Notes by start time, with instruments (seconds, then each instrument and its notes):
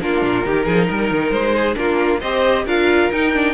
0.00 cello A#3, viola D4, violin F4 A#4
0.22 cello A#2
0.44 cello D#3, viola D#4, violin G4
0.65 cello F3, violin G#4
0.89 cello G3, violin A#4
1.11 cello D#3
1.31 cello G#3, violin C5
1.55 violin G#4
1.75 cello A#3, viola D4, violin F4 A#4
2.20 cello C4, viola G4, violin C5 D#5
2.65 cello D4, viola F4, violin A#4 F5
3.12 cello D#4, viola D#4, violin G5
3.33 viola D4